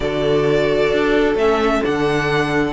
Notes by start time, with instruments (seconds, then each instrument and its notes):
0.00 cello D3, viola F#4, violin A4 D5
0.92 cello D4
1.35 cello A3, viola C#4, violin E5
1.83 cello D3, viola D4, violin F#5